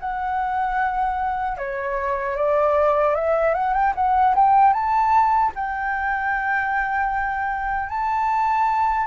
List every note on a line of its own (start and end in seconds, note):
0.00 1.58 F#5
1.58 2.36 C#5
2.36 3.15 D5
3.15 3.54 E5
3.54 3.74 F#5
3.74 3.93 G5
3.95 4.35 F#5
4.35 4.73 G5
4.73 5.52 A5
5.55 7.89 G5
7.89 9.07 A5